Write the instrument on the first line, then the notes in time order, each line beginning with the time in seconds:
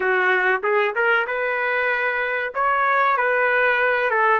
trumpet
0.00 F#4
0.63 G#4
0.95 A#4
1.27 B4
2.54 C#5
3.17 B4
4.10 A4